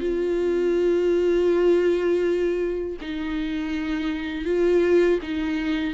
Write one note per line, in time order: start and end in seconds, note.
0.00 2.96 F4
3.01 4.44 D#4
4.44 5.19 F4
5.22 5.94 D#4